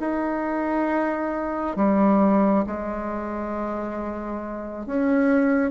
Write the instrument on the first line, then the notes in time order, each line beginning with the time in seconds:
bassoon
0.00 D#4
1.76 G3
2.67 G#3
4.86 C#4